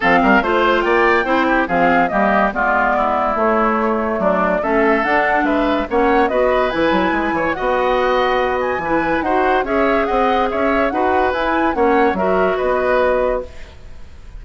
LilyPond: <<
  \new Staff \with { instrumentName = "flute" } { \time 4/4 \tempo 4 = 143 f''4 c''4 g''2 | f''4 dis''4 d''2 | cis''2 d''4 e''4 | fis''4 e''4 fis''4 dis''4 |
gis''2 fis''2~ | fis''8 gis''4. fis''4 e''4 | fis''4 e''4 fis''4 gis''4 | fis''4 e''4 dis''2 | }
  \new Staff \with { instrumentName = "oboe" } { \time 4/4 a'8 ais'8 c''4 d''4 c''8 g'8 | gis'4 g'4 f'4 e'4~ | e'2 d'4 a'4~ | a'4 b'4 cis''4 b'4~ |
b'4. cis''8 dis''2~ | dis''4 b'4 c''4 cis''4 | dis''4 cis''4 b'2 | cis''4 ais'4 b'2 | }
  \new Staff \with { instrumentName = "clarinet" } { \time 4/4 c'4 f'2 e'4 | c'4 ais4 b2 | a2. cis'4 | d'2 cis'4 fis'4 |
e'2 fis'2~ | fis'4 e'4 fis'4 gis'4~ | gis'2 fis'4 e'4 | cis'4 fis'2. | }
  \new Staff \with { instrumentName = "bassoon" } { \time 4/4 f8 g8 a4 ais4 c'4 | f4 g4 gis2 | a2 fis4 a4 | d'4 gis4 ais4 b4 |
e8 fis8 gis8 e8 b2~ | b4 e4 dis'4 cis'4 | c'4 cis'4 dis'4 e'4 | ais4 fis4 b2 | }
>>